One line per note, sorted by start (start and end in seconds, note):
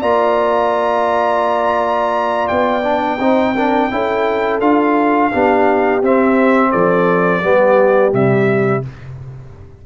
0.00 2.49 A#3
0.00 2.83 F4
0.00 3.18 D5
0.00 2.48 A#5
2.48 3.19 B3
2.48 4.60 G5
2.83 3.18 D4
3.19 3.90 C4
3.19 3.56 D#4
3.19 3.55 C5
3.55 3.91 D4
3.55 3.90 A#4
3.91 4.61 C#4
3.91 4.61 E4
3.91 5.33 A4
4.61 5.31 D4
4.61 5.32 F4
4.61 6.02 F5
5.32 6.02 B3
5.32 6.03 D4
5.32 6.71 G4
6.02 6.73 C4
6.02 7.43 C4
6.02 6.72 E5
6.71 7.43 F3
6.71 7.42 A4
6.71 8.13 D5
7.43 8.14 G3
7.43 8.12 B3
7.43 8.86 G4
8.12 8.84 C3
8.12 8.83 G3
8.12 8.85 E5